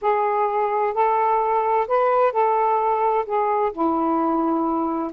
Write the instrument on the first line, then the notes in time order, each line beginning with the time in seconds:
saxophone
0.01 G#4
0.94 A4
1.87 B4
2.32 A4
3.25 G#4
3.72 E4